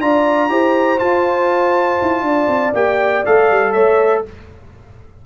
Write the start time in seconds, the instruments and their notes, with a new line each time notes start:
0.00 tuba D4, trombone F4, horn D5, trumpet A#5
0.49 tuba E4, trombone G4, horn C5
0.98 trombone F4, tuba F4, trumpet A5
2.01 tuba E4
2.22 tuba D4, horn D5
2.47 tuba C4
2.73 tuba A#3, trombone G4, trumpet G5
3.25 tuba A3, trombone A4, trumpet F5
3.50 tuba G3
3.72 tuba A3, horn C#5, trumpet E5